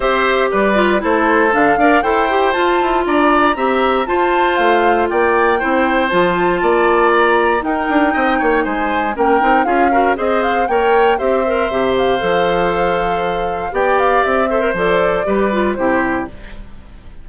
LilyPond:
<<
  \new Staff \with { instrumentName = "flute" } { \time 4/4 \tempo 4 = 118 e''4 d''4 c''4 f''4 | g''4 a''4 ais''2 | a''4 f''4 g''2 | a''2 ais''4 g''4~ |
g''4 gis''4 g''4 f''4 | dis''8 f''8 g''4 e''4. f''8~ | f''2. g''8 f''8 | e''4 d''2 c''4 | }
  \new Staff \with { instrumentName = "oboe" } { \time 4/4 c''4 b'4 a'4. d''8 | c''2 d''4 e''4 | c''2 d''4 c''4~ | c''4 d''2 ais'4 |
dis''8 cis''8 c''4 ais'4 gis'8 ais'8 | c''4 cis''4 c''2~ | c''2. d''4~ | d''8 c''4. b'4 g'4 | }
  \new Staff \with { instrumentName = "clarinet" } { \time 4/4 g'4. f'8 e'4 d'8 ais'8 | a'8 g'8 f'2 g'4 | f'2. e'4 | f'2. dis'4~ |
dis'2 cis'8 dis'8 f'8 fis'8 | gis'4 ais'4 g'8 ais'8 g'4 | a'2. g'4~ | g'8 a'16 ais'16 a'4 g'8 f'8 e'4 | }
  \new Staff \with { instrumentName = "bassoon" } { \time 4/4 c'4 g4 a4 d8 d'8 | e'4 f'8 e'8 d'4 c'4 | f'4 a4 ais4 c'4 | f4 ais2 dis'8 d'8 |
c'8 ais8 gis4 ais8 c'8 cis'4 | c'4 ais4 c'4 c4 | f2. b4 | c'4 f4 g4 c4 | }
>>